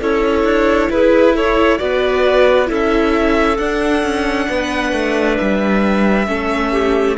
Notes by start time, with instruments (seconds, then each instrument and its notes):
0.00 cello C#4, viola E4, clarinet A4, violin C#5
0.44 cello D4
0.90 cello E4, clarinet G#4, violin B4
1.34 clarinet A4, violin C#5
1.78 cello B3, viola F#4, clarinet B4, violin D5
2.66 cello C#4, viola E4, clarinet A4
2.73 violin E5
3.57 cello D4, viola D4, violin F#5
4.03 cello C#4
4.49 cello B3, clarinet B4
4.92 cello A3
5.37 cello G3, violin E5
6.27 cello A3, viola C#4, clarinet A4
6.72 clarinet G4